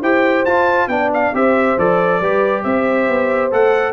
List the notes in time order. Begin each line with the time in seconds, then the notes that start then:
0.00 E4 G4 C5 G5
0.45 F4 A5
0.87 B3 D4 D5 G5
1.13 F5
1.33 C4 G4 C5 E5
1.77 F3 A4 D5
2.20 G3 G4 B4
2.63 C4 C5 E5
3.08 B3
3.51 A3 A4 F#5